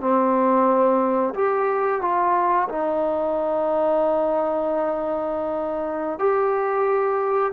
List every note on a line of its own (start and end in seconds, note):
0.00 1.33 C4
1.34 2.01 G4
2.01 2.68 F4
2.68 6.19 D#4
6.19 7.52 G4